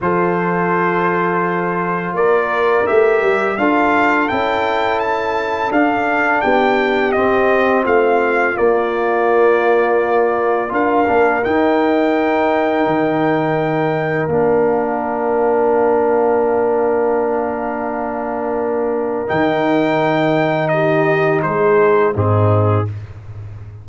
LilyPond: <<
  \new Staff \with { instrumentName = "trumpet" } { \time 4/4 \tempo 4 = 84 c''2. d''4 | e''4 f''4 g''4 a''4 | f''4 g''4 dis''4 f''4 | d''2. f''4 |
g''1 | f''1~ | f''2. g''4~ | g''4 dis''4 c''4 gis'4 | }
  \new Staff \with { instrumentName = "horn" } { \time 4/4 a'2. ais'4~ | ais'4 a'2.~ | a'4 g'2 f'4~ | f'2. ais'4~ |
ais'1~ | ais'1~ | ais'1~ | ais'4 g'4 gis'4 dis'4 | }
  \new Staff \with { instrumentName = "trombone" } { \time 4/4 f'1 | g'4 f'4 e'2 | d'2 c'2 | ais2. f'8 d'8 |
dis'1 | d'1~ | d'2. dis'4~ | dis'2. c'4 | }
  \new Staff \with { instrumentName = "tuba" } { \time 4/4 f2. ais4 | a8 g8 d'4 cis'2 | d'4 b4 c'4 a4 | ais2. d'8 ais8 |
dis'2 dis2 | ais1~ | ais2. dis4~ | dis2 gis4 gis,4 | }
>>